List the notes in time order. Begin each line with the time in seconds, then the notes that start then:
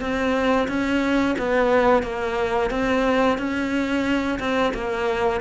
0.00 C4
0.68 C#4
1.38 B3
2.03 A#3
2.71 C4
3.38 C#4
4.39 C4
4.74 A#3